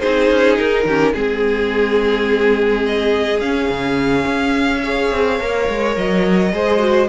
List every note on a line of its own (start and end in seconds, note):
0.00 0.30 C4
0.00 0.87 D#4
0.00 0.85 G#4
0.00 0.57 C5
0.30 0.58 C#4
0.57 0.85 D#4
0.57 1.14 A#4
0.85 1.14 D#3
0.85 1.14 C#4
0.85 1.12 G4
1.12 3.42 G#3
1.12 3.41 C4
1.12 4.80 G#4
1.12 2.84 G#4
2.87 3.40 D#5
3.40 3.70 C#4
3.40 4.83 C#4
3.40 5.95 F5
3.70 4.26 C#3
4.27 5.11 C#4
4.82 5.40 G#4
4.82 6.52 C#5
5.11 5.40 C4
5.40 5.68 A#3
5.40 6.53 A#4
5.69 5.96 G#3
5.96 6.53 F#3
5.96 7.09 D#5
6.53 7.09 G#3
6.53 6.79 G#4
6.53 7.09 C5
6.79 7.07 F#4